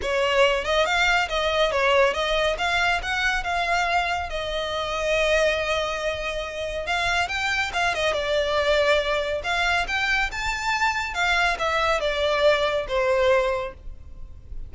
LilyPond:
\new Staff \with { instrumentName = "violin" } { \time 4/4 \tempo 4 = 140 cis''4. dis''8 f''4 dis''4 | cis''4 dis''4 f''4 fis''4 | f''2 dis''2~ | dis''1 |
f''4 g''4 f''8 dis''8 d''4~ | d''2 f''4 g''4 | a''2 f''4 e''4 | d''2 c''2 | }